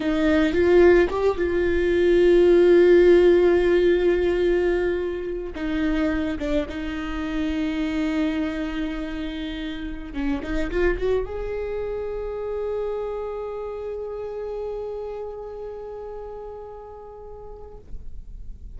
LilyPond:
\new Staff \with { instrumentName = "viola" } { \time 4/4 \tempo 4 = 108 dis'4 f'4 g'8 f'4.~ | f'1~ | f'2 dis'4. d'8 | dis'1~ |
dis'2~ dis'16 cis'8 dis'8 f'8 fis'16~ | fis'16 gis'2.~ gis'8.~ | gis'1~ | gis'1 | }